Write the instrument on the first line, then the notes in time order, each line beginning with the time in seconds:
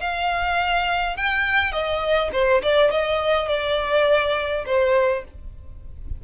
violin
0.00 F5
1.17 G5
1.72 D#5
2.33 C5
2.63 D5
2.91 D#5
3.48 D5
4.66 C5